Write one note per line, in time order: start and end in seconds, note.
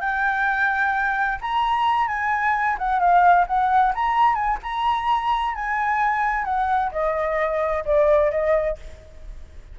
0.00 1.38 G5
1.41 2.07 A#5
2.07 2.77 G#5
2.78 2.99 F#5
2.99 3.45 F5
3.47 3.93 F#5
3.94 4.35 A#5
4.35 4.58 G#5
4.63 5.54 A#5
5.54 6.44 G#5
6.44 6.90 F#5
6.91 7.84 D#5
7.85 8.31 D5
8.31 8.77 D#5